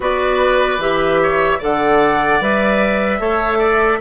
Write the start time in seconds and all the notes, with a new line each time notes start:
0.00 B3 F#4 B4 D5
0.78 E3 G4 E5
1.22 C#5
1.58 D3 A4 D5 F#5
2.40 G3 B4 E5
3.19 A3 A4 C#5
3.58 D5